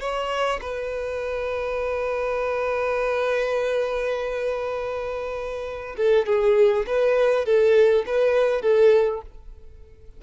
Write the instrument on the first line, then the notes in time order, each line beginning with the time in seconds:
violin
0.00 C#5
0.61 B4
5.97 A4
6.26 G#4
6.86 B4
7.45 A4
8.06 B4
8.62 A4